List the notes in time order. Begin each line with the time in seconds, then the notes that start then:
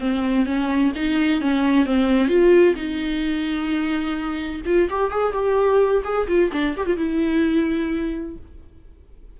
0.00 C4
0.45 C#4
0.95 D#4
1.41 C#4
1.86 C4
2.28 F4
2.75 D#4
4.65 F4
4.90 G4
5.11 G#4
5.33 G4
6.04 G#4
6.27 F4
6.52 D4
6.77 G4
6.86 F4
6.97 E4